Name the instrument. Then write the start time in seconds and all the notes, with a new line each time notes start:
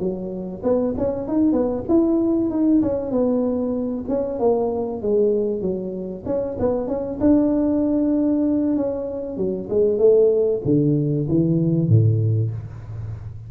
tuba
0.00 F#3
0.64 B3
0.98 C#4
1.28 D#4
1.53 B3
1.89 E4
2.51 D#4
2.83 C#4
3.12 B3
4.09 C#4
4.40 A#3
5.03 G#3
5.62 F#3
6.26 C#4
6.60 B3
6.88 C#4
7.21 D4
8.77 C#4
9.38 F#3
9.70 G#3
9.99 A3
10.65 D3
11.29 E3
11.89 A2